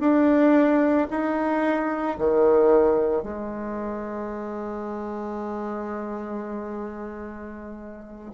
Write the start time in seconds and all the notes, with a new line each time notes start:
0.00 D4
1.10 D#4
2.18 D#3
3.22 G#3